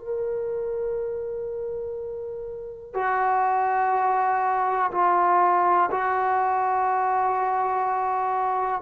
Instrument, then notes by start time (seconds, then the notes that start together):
trombone
0.00 A#4
2.95 F#4
4.92 F4
5.91 F#4